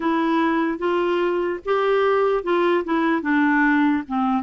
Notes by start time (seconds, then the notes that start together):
0.00 E4
0.78 F4
1.65 G4
2.43 F4
2.84 E4
3.22 D4
4.08 C4